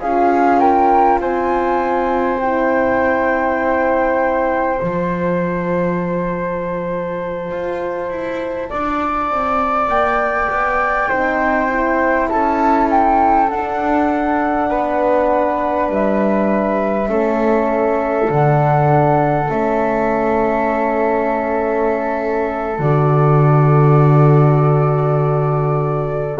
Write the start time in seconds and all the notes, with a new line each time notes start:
0.00 C#4 F4 G#4 F5
0.59 A#4 G5
1.20 C4 C5 G#5
2.41 E4 G5
4.80 F3 F4 A5
7.52 F4
8.10 E4
8.70 D4 D5
9.30 C4
9.88 A#3 G5
10.50 B3
11.09 C4 D#4 C5
11.70 E4
12.29 C#4 A4 A5
12.91 G5
13.50 D4 F#5
14.69 B3 B4
15.89 G3 E5
17.08 A3 C#4 A4
18.27 D3 D4 F#5
19.50 A3 C#4 E5
22.79 D3 F#4 D5